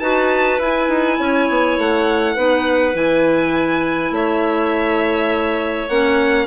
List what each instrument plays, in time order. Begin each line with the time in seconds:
0.00 bassoon D#4, clarinet F#4 B4, violin A5
0.59 bassoon E4, clarinet E4, violin G#5
0.89 bassoon D#4
1.19 bassoon C#4, clarinet C#5
1.49 bassoon B3
1.78 bassoon A3, violin F#5
2.35 bassoon B3, clarinet D#4 B4
2.94 bassoon E3, clarinet E4, violin G#5
4.11 bassoon A3, clarinet C#5, violin E5
5.89 bassoon A#3, clarinet C#4, violin F#5